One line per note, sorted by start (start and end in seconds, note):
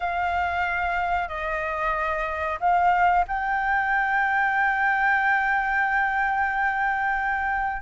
0.00 1.28 F5
1.28 2.58 D#5
2.60 3.25 F5
3.27 7.81 G5